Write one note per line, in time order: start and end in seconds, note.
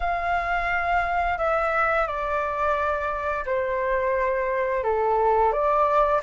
0.00 1.38 F5
1.38 2.07 E5
2.07 3.45 D5
3.45 4.83 C5
4.83 5.52 A4
5.52 6.21 D5